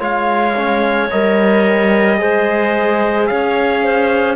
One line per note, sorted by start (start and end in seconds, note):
0.00 1.09 G#3
0.00 0.55 F4
0.00 2.18 C#5
0.00 1.11 F5
0.56 1.11 C#4
1.11 2.21 G3
1.11 2.18 A#4
1.11 3.26 D#5
2.18 3.30 G#3
2.18 4.36 G#4
2.18 3.30 C5
3.26 4.36 C#4
3.26 3.83 C#5
3.26 4.35 F5
3.83 4.36 C5